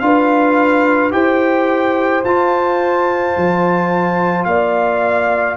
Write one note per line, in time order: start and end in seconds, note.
0.00 1.13 D4
0.00 1.12 F4
0.00 1.14 B4
0.00 1.11 F5
1.12 2.24 E4
1.12 2.23 G4
1.12 4.47 C5
1.12 2.24 G5
2.25 3.36 F4
2.25 5.57 F4
2.25 4.45 A5
3.37 4.45 F3
4.45 5.56 A#3
4.45 5.57 D5
4.45 5.56 F5